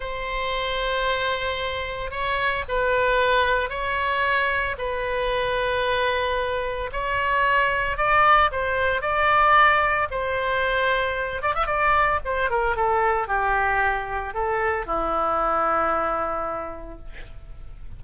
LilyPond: \new Staff \with { instrumentName = "oboe" } { \time 4/4 \tempo 4 = 113 c''1 | cis''4 b'2 cis''4~ | cis''4 b'2.~ | b'4 cis''2 d''4 |
c''4 d''2 c''4~ | c''4. d''16 e''16 d''4 c''8 ais'8 | a'4 g'2 a'4 | e'1 | }